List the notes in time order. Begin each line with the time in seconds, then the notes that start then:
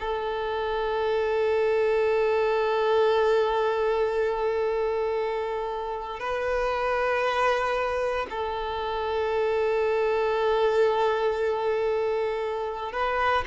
0.00 A4
6.20 B4
8.30 A4
12.93 B4